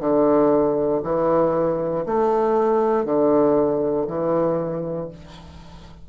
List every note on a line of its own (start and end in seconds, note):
0.00 1.02 D3
1.04 2.05 E3
2.06 3.06 A3
3.06 4.07 D3
4.07 5.09 E3